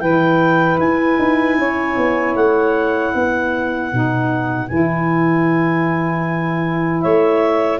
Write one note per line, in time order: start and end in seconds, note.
0.00 0.78 E3
0.00 3.91 E4
0.00 1.57 B4
0.00 0.78 G5
0.79 1.18 E4
0.79 2.35 G#5
1.18 1.57 D#4
1.57 1.96 C#4
1.57 3.13 C#5
1.97 2.35 B3
2.35 3.13 A3
2.35 4.68 F#5
3.13 3.92 B3
3.13 7.01 B4
3.91 4.70 B2
3.91 4.68 D#4
4.68 7.04 E3
4.68 7.80 E4
4.68 7.01 G#5
7.01 7.80 A3
7.01 7.79 C#5
7.01 7.79 E5